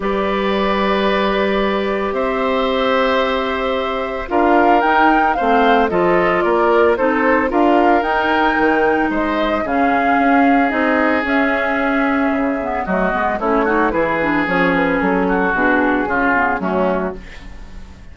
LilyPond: <<
  \new Staff \with { instrumentName = "flute" } { \time 4/4 \tempo 4 = 112 d''1 | e''1 | f''4 g''4 f''4 dis''4 | d''4 c''4 f''4 g''4~ |
g''4 dis''4 f''2 | dis''4 e''2. | dis''4 cis''4 b'4 cis''8 b'8 | a'4 gis'2 fis'4 | }
  \new Staff \with { instrumentName = "oboe" } { \time 4/4 b'1 | c''1 | ais'2 c''4 a'4 | ais'4 a'4 ais'2~ |
ais'4 c''4 gis'2~ | gis'1 | fis'4 e'8 fis'8 gis'2~ | gis'8 fis'4. f'4 cis'4 | }
  \new Staff \with { instrumentName = "clarinet" } { \time 4/4 g'1~ | g'1 | f'4 dis'4 c'4 f'4~ | f'4 dis'4 f'4 dis'4~ |
dis'2 cis'2 | dis'4 cis'2~ cis'8 b8 | a8 b8 cis'8 dis'8 e'8 d'8 cis'4~ | cis'4 d'4 cis'8 b8 a4 | }
  \new Staff \with { instrumentName = "bassoon" } { \time 4/4 g1 | c'1 | d'4 dis'4 a4 f4 | ais4 c'4 d'4 dis'4 |
dis4 gis4 cis4 cis'4 | c'4 cis'2 cis4 | fis8 gis8 a4 e4 f4 | fis4 b,4 cis4 fis4 | }
>>